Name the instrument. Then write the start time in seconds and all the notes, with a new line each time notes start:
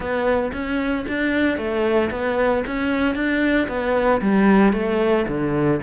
cello
0.00 B3
0.53 C#4
1.08 D4
1.57 A3
2.11 B3
2.67 C#4
3.15 D4
3.68 B3
4.21 G3
4.72 A3
5.28 D3